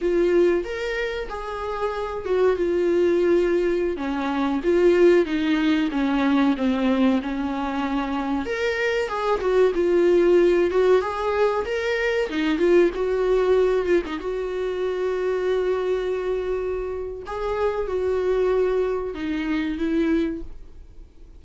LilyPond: \new Staff \with { instrumentName = "viola" } { \time 4/4 \tempo 4 = 94 f'4 ais'4 gis'4. fis'8 | f'2~ f'16 cis'4 f'8.~ | f'16 dis'4 cis'4 c'4 cis'8.~ | cis'4~ cis'16 ais'4 gis'8 fis'8 f'8.~ |
f'8. fis'8 gis'4 ais'4 dis'8 f'16~ | f'16 fis'4. f'16 dis'16 fis'4.~ fis'16~ | fis'2. gis'4 | fis'2 dis'4 e'4 | }